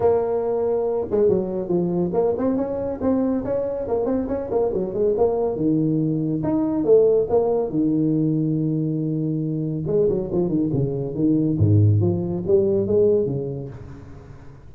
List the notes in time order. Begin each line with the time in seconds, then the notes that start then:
0.00 A#3
1.10 G#3
1.28 F#3
1.68 F3
2.13 A#3
2.37 C4
2.56 C#4
3.01 C4
3.44 C#4
3.88 A#3
4.05 C4
4.28 C#4
4.50 A#3
4.73 F#3
4.93 G#3
5.17 A#3
5.56 D#3
6.43 D#4
6.84 A3
7.29 A#3
7.69 D#3
9.86 G#3
10.08 F#3
10.32 F3
10.48 D#3
10.73 C#3
11.14 D#3
11.58 G#2
12.00 F3
12.47 G3
12.86 G#3
13.25 C#3